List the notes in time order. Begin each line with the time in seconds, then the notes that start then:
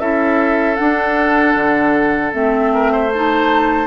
0.00 C#4 E4 A4 E5
0.76 D4 F#5
1.55 D3
2.33 A3 C4 E5
2.74 A#4
2.92 C5
3.13 D#4 A5